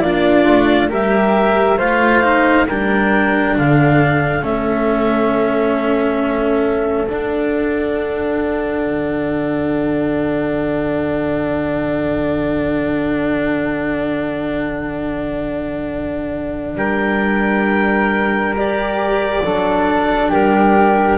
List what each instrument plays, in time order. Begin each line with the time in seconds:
0.00 double bass A#3, cello D4, flute F4, clarinet D5
0.48 double bass A3
0.89 double bass G3, cello G4, flute A#4, clarinet E5
1.78 double bass A3, cello F4, flute C5, clarinet F5
2.23 cello D#4
2.67 double bass G3, cello D4, flute A#4, clarinet G5
3.56 double bass D3, flute A4, clarinet F5
4.42 double bass A3, cello C#4, clarinet E5
7.08 cello D4, double bass D4, clarinet F#5
8.86 double bass D3
16.75 double bass G3, flute A#4, clarinet G5
18.56 cello G4, clarinet D5
19.44 double bass F#3, cello D4, flute A4
20.29 double bass G3, flute G4, clarinet A#4